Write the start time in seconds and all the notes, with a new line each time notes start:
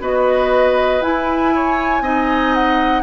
0.00 B3 F#4 B4 D#5
1.02 E4 G#5
1.55 C#5
2.01 C4 D#4 D#5
2.55 F#5